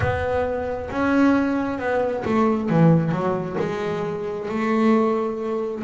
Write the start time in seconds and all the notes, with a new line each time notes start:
0.00 B3
0.90 C#4
1.78 B3
2.25 A3
2.69 E3
3.11 F#3
3.59 G#3
4.48 A3